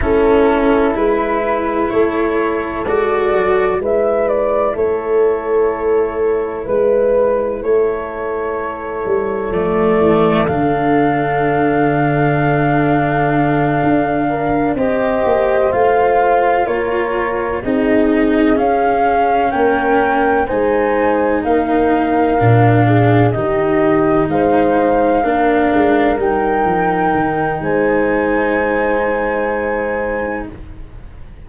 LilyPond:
<<
  \new Staff \with { instrumentName = "flute" } { \time 4/4 \tempo 4 = 63 a'4 b'4 cis''4 d''4 | e''8 d''8 cis''2 b'4 | cis''2 d''4 f''4~ | f''2.~ f''8 dis''8~ |
dis''8 f''4 cis''4 dis''4 f''8~ | f''8 g''4 gis''4 f''4.~ | f''8 dis''4 f''2 g''8~ | g''4 gis''2. | }
  \new Staff \with { instrumentName = "horn" } { \time 4/4 e'2 a'2 | b'4 a'2 b'4 | a'1~ | a'2. ais'8 c''8~ |
c''4. ais'4 gis'4.~ | gis'8 ais'4 c''4 ais'4. | gis'8 g'4 c''4 ais'4.~ | ais'4 c''2. | }
  \new Staff \with { instrumentName = "cello" } { \time 4/4 cis'4 e'2 fis'4 | e'1~ | e'2 a4 d'4~ | d'2.~ d'8 g'8~ |
g'8 f'2 dis'4 cis'8~ | cis'4. dis'2 d'8~ | d'8 dis'2 d'4 dis'8~ | dis'1 | }
  \new Staff \with { instrumentName = "tuba" } { \time 4/4 a4 gis4 a4 gis8 fis8 | gis4 a2 gis4 | a4. g8 f8 e8 d4~ | d2~ d8 d'4 c'8 |
ais8 a4 ais4 c'4 cis'8~ | cis'8 ais4 gis4 ais4 ais,8~ | ais,8 dis4 gis4 ais8 gis8 g8 | f8 dis8 gis2. | }
>>